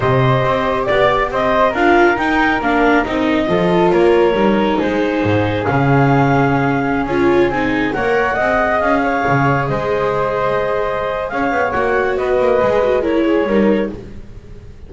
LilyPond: <<
  \new Staff \with { instrumentName = "clarinet" } { \time 4/4 \tempo 4 = 138 dis''2 d''4 dis''4 | f''4 g''4 f''4 dis''4~ | dis''4 cis''2 c''4~ | c''4 f''2.~ |
f''16 cis''4 gis''4 fis''4.~ fis''16~ | fis''16 f''2 dis''4.~ dis''16~ | dis''2 f''4 fis''4 | dis''2 cis''2 | }
  \new Staff \with { instrumentName = "flute" } { \time 4/4 c''2 d''4 c''4 | ais'1 | a'4 ais'2 gis'4~ | gis'1~ |
gis'2~ gis'16 cis''4 dis''8.~ | dis''8. cis''4. c''4.~ c''16~ | c''2 cis''2 | b'2 ais'8 gis'8 ais'4 | }
  \new Staff \with { instrumentName = "viola" } { \time 4/4 g'1 | f'4 dis'4 d'4 dis'4 | f'2 dis'2~ | dis'4 cis'2.~ |
cis'16 f'4 dis'4 ais'4 gis'8.~ | gis'1~ | gis'2. fis'4~ | fis'4 gis'8 fis'8 e'4 dis'4 | }
  \new Staff \with { instrumentName = "double bass" } { \time 4/4 c4 c'4 b4 c'4 | d'4 dis'4 ais4 c'4 | f4 ais4 g4 gis4 | gis,4 cis2.~ |
cis16 cis'4 c'4 ais4 c'8.~ | c'16 cis'4 cis4 gis4.~ gis16~ | gis2 cis'8 b8 ais4 | b8 ais8 gis2 g4 | }
>>